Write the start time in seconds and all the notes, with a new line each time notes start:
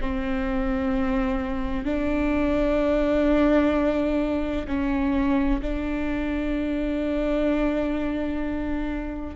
0.00 C4
1.85 D4
4.67 C#4
5.62 D4